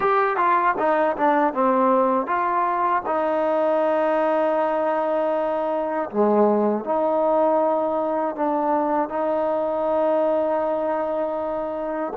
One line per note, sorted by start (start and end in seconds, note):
0.00 0.36 G4
0.36 0.74 F4
0.78 1.16 D#4
1.16 1.53 D4
1.53 2.26 C4
2.26 3.02 F4
3.06 6.10 D#4
6.10 6.84 G#3
6.84 8.35 D#4
8.35 9.09 D4
9.09 12.13 D#4